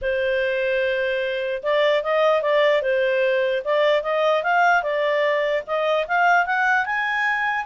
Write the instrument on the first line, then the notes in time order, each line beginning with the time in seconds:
clarinet
0.01 C5
1.63 D5
2.03 D#5
2.42 D5
2.82 C5
3.64 D5
4.02 D#5
4.43 F5
4.82 D5
5.66 D#5
6.07 F5
6.46 F#5
6.85 G#5